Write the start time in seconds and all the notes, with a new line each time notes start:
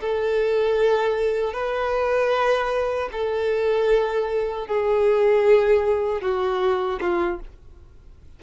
0.00 A4
1.53 B4
3.11 A4
4.67 G#4
6.21 F#4
7.00 F4